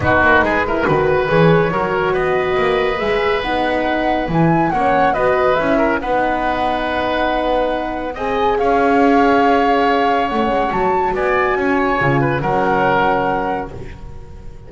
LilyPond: <<
  \new Staff \with { instrumentName = "flute" } { \time 4/4 \tempo 4 = 140 b'2. cis''4~ | cis''4 dis''2 e''4 | fis''2 gis''4 fis''4 | dis''4 e''4 fis''2~ |
fis''2. gis''4 | f''1 | fis''4 a''4 gis''2~ | gis''4 fis''2. | }
  \new Staff \with { instrumentName = "oboe" } { \time 4/4 fis'4 gis'8 ais'8 b'2 | ais'4 b'2.~ | b'2. cis''4 | b'4. ais'8 b'2~ |
b'2. dis''4 | cis''1~ | cis''2 d''4 cis''4~ | cis''8 b'8 ais'2. | }
  \new Staff \with { instrumentName = "horn" } { \time 4/4 dis'4. e'8 fis'4 gis'4 | fis'2. gis'4 | dis'2 e'4 cis'4 | fis'4 e'4 dis'2~ |
dis'2. gis'4~ | gis'1 | cis'4 fis'2. | f'4 cis'2. | }
  \new Staff \with { instrumentName = "double bass" } { \time 4/4 b8 ais8 gis4 dis4 e4 | fis4 b4 ais4 gis4 | b2 e4 ais4 | b4 cis'4 b2~ |
b2. c'4 | cis'1 | a8 gis8 fis4 b4 cis'4 | cis4 fis2. | }
>>